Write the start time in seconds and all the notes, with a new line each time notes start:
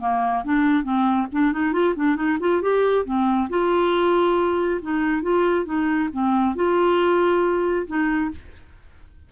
0.00 A#3
0.44 D4
0.83 C4
1.32 D4
1.52 D#4
1.73 F4
1.96 D4
2.16 D#4
2.40 F4
2.62 G4
3.05 C4
3.49 F4
4.82 D#4
5.22 F4
5.65 D#4
6.13 C4
6.55 F4
7.87 D#4